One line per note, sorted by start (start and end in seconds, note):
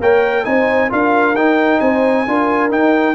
0.00 0.45 A#3
0.00 0.45 A#4
0.00 0.45 C#5
0.00 0.45 G5
0.45 0.91 C4
0.45 0.90 D#4
0.45 0.92 C5
0.45 0.90 G#5
0.90 1.34 D4
0.90 1.35 F4
0.90 1.81 A#4
0.90 1.36 F5
1.34 1.80 D#4
1.34 2.27 D#4
1.34 1.80 G5
1.80 2.27 C4
1.80 2.26 C5
1.80 2.70 G#5
2.28 2.72 D4
2.28 2.70 F4
2.28 3.15 A#4
2.70 3.15 D#4
2.70 3.15 G5